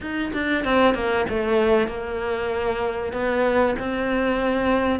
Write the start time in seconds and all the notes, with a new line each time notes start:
0.01 D#4
0.33 D4
0.64 C4
0.94 A#3
1.29 A3
1.87 A#3
3.12 B3
3.79 C4